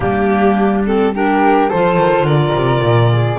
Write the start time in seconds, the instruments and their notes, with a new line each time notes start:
0.00 double bass G3, clarinet A#3, flute D4, violin G4
0.85 clarinet C4, violin A4
1.14 clarinet D4, flute G4, violin A#4
1.69 double bass F3, clarinet F4, flute A4, violin C5
1.97 double bass D#3
2.22 double bass D3, flute A#4, violin D5
2.54 double bass C3
2.81 double bass A#2
3.12 flute G#4